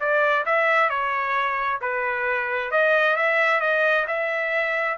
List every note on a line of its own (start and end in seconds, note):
0.00 0.45 D5
0.46 0.90 E5
0.90 1.80 C#5
1.81 2.71 B4
2.71 3.16 D#5
3.16 3.61 E5
3.61 4.06 D#5
4.07 4.98 E5